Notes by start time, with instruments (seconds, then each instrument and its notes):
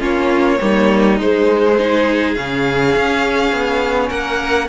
0.00 cello A#3, viola C#4, violin F4 C#5
0.60 cello G3, viola A#3, violin D#4
1.20 cello G#3, viola G#3, violin C5
1.75 viola D#4, violin G#4
2.35 cello C#3, viola C#4, violin F5
2.96 cello C#4
3.52 cello B3
4.09 cello A#3, violin A#4 F#5